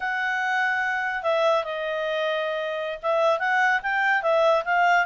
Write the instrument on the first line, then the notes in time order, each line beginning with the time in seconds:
clarinet
0.00 F#5
1.22 E5
1.63 D#5
3.02 E5
3.39 F#5
3.82 G5
4.22 E5
4.65 F5